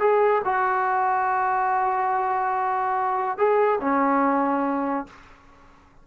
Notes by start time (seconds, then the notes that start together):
0.00 G#4
0.45 F#4
3.38 G#4
3.81 C#4